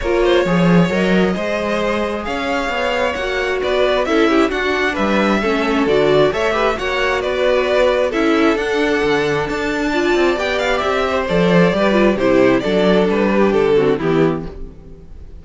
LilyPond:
<<
  \new Staff \with { instrumentName = "violin" } { \time 4/4 \tempo 4 = 133 cis''2 dis''2~ | dis''4 f''2 fis''4 | d''4 e''4 fis''4 e''4~ | e''4 d''4 e''4 fis''4 |
d''2 e''4 fis''4~ | fis''4 a''2 g''8 f''8 | e''4 d''2 c''4 | d''4 b'4 a'4 g'4 | }
  \new Staff \with { instrumentName = "violin" } { \time 4/4 ais'8 c''8 cis''2 c''4~ | c''4 cis''2. | b'4 a'8 g'8 fis'4 b'4 | a'2 cis''8 b'8 cis''4 |
b'2 a'2~ | a'2 d''2~ | d''8 c''4. b'4 g'4 | a'4. g'4 fis'8 e'4 | }
  \new Staff \with { instrumentName = "viola" } { \time 4/4 f'4 gis'4 ais'4 gis'4~ | gis'2. fis'4~ | fis'4 e'4 d'2 | cis'4 fis'4 a'8 g'8 fis'4~ |
fis'2 e'4 d'4~ | d'2 f'4 g'4~ | g'4 a'4 g'8 f'8 e'4 | d'2~ d'8 c'8 b4 | }
  \new Staff \with { instrumentName = "cello" } { \time 4/4 ais4 f4 fis4 gis4~ | gis4 cis'4 b4 ais4 | b4 cis'4 d'4 g4 | a4 d4 a4 ais4 |
b2 cis'4 d'4 | d4 d'4. c'8 b4 | c'4 f4 g4 c4 | fis4 g4 d4 e4 | }
>>